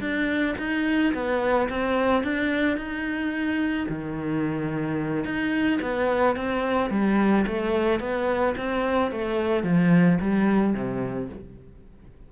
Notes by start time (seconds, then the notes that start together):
0.00 D4
0.58 D#4
1.13 B3
1.69 C4
2.23 D4
2.76 D#4
3.89 D#3
5.24 D#4
5.81 B3
6.36 C4
6.90 G3
7.46 A3
7.99 B3
8.57 C4
9.11 A3
9.63 F3
10.21 G3
10.73 C3